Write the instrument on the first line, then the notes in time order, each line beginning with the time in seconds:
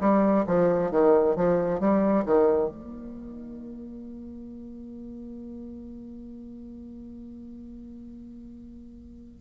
bassoon
0.00 G3
0.46 F3
0.90 D#3
1.35 F3
1.80 G3
2.25 D#3
2.69 A#3